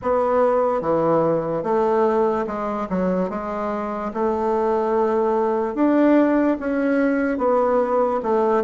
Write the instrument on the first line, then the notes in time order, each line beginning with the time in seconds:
bassoon
0.02 B3
0.81 E3
1.63 A3
2.46 G#3
2.89 F#3
3.29 G#3
4.13 A3
5.75 D4
6.59 C#4
7.37 B3
8.22 A3